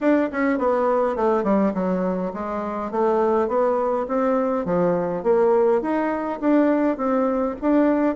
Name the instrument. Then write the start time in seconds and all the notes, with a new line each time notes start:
bassoon
0.00 D4
0.32 C#4
0.58 B3
1.16 A3
1.43 G3
1.74 F#3
2.33 G#3
2.91 A3
3.48 B3
4.08 C4
4.65 F3
5.23 A#3
5.81 D#4
6.40 D4
6.97 C4
7.61 D4